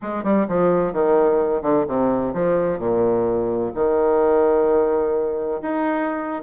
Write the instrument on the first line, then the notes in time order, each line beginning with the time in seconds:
bassoon
0.02 G#3
0.23 G3
0.48 F3
0.93 D#3
1.62 D3
1.87 C3
2.33 F3
2.78 A#2
3.74 D#3
5.62 D#4